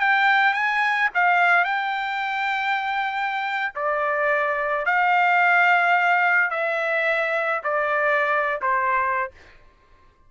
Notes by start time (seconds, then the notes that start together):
0.00 G5
0.54 G#5
1.14 F5
1.64 G5
3.75 D5
4.86 F5
6.51 E5
7.64 D5
8.62 C5